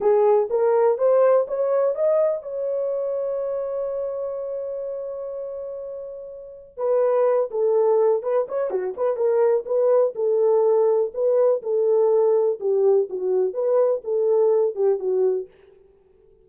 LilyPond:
\new Staff \with { instrumentName = "horn" } { \time 4/4 \tempo 4 = 124 gis'4 ais'4 c''4 cis''4 | dis''4 cis''2.~ | cis''1~ | cis''2 b'4. a'8~ |
a'4 b'8 cis''8 fis'8 b'8 ais'4 | b'4 a'2 b'4 | a'2 g'4 fis'4 | b'4 a'4. g'8 fis'4 | }